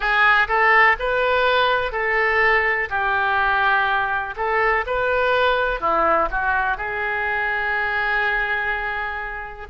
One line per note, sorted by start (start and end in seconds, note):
0.00 0.48 G#4
0.48 0.96 A4
0.99 1.92 B4
1.92 2.89 A4
2.89 4.34 G4
4.36 4.84 A4
4.86 5.80 B4
5.80 6.29 E4
6.30 6.77 F#4
6.77 9.67 G#4